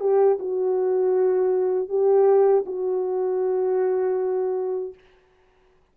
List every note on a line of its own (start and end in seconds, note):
0.00 0.38 G4
0.39 1.88 F#4
1.88 2.64 G4
2.66 4.94 F#4